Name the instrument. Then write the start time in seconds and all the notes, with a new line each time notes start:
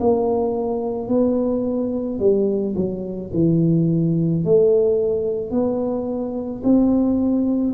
tuba
0.00 A#3
1.09 B3
2.19 G3
2.76 F#3
3.33 E3
4.44 A3
5.51 B3
6.64 C4